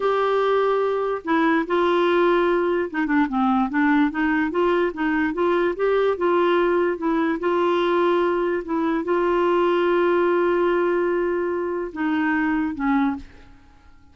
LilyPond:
\new Staff \with { instrumentName = "clarinet" } { \time 4/4 \tempo 4 = 146 g'2. e'4 | f'2. dis'8 d'8 | c'4 d'4 dis'4 f'4 | dis'4 f'4 g'4 f'4~ |
f'4 e'4 f'2~ | f'4 e'4 f'2~ | f'1~ | f'4 dis'2 cis'4 | }